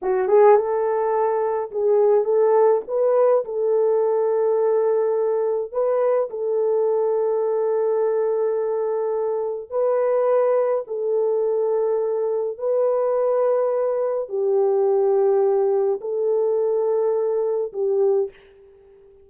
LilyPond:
\new Staff \with { instrumentName = "horn" } { \time 4/4 \tempo 4 = 105 fis'8 gis'8 a'2 gis'4 | a'4 b'4 a'2~ | a'2 b'4 a'4~ | a'1~ |
a'4 b'2 a'4~ | a'2 b'2~ | b'4 g'2. | a'2. g'4 | }